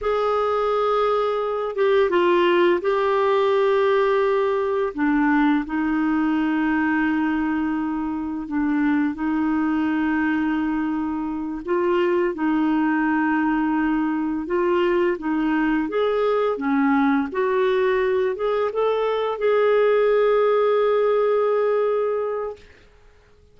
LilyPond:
\new Staff \with { instrumentName = "clarinet" } { \time 4/4 \tempo 4 = 85 gis'2~ gis'8 g'8 f'4 | g'2. d'4 | dis'1 | d'4 dis'2.~ |
dis'8 f'4 dis'2~ dis'8~ | dis'8 f'4 dis'4 gis'4 cis'8~ | cis'8 fis'4. gis'8 a'4 gis'8~ | gis'1 | }